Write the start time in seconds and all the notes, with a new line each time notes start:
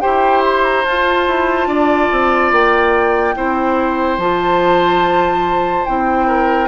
0.00 E4 G4 C5 G5
0.43 C6
0.64 A#5
0.84 F4 A5
1.27 E4
1.66 D4 D5
2.11 C4
2.51 A#3 G5
3.35 C4 E4 C5
4.17 F3 F4 A5
5.85 C4 E4 G5
6.27 A#4